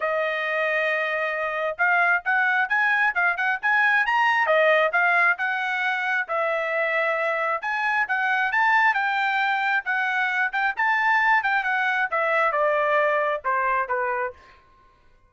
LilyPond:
\new Staff \with { instrumentName = "trumpet" } { \time 4/4 \tempo 4 = 134 dis''1 | f''4 fis''4 gis''4 f''8 fis''8 | gis''4 ais''4 dis''4 f''4 | fis''2 e''2~ |
e''4 gis''4 fis''4 a''4 | g''2 fis''4. g''8 | a''4. g''8 fis''4 e''4 | d''2 c''4 b'4 | }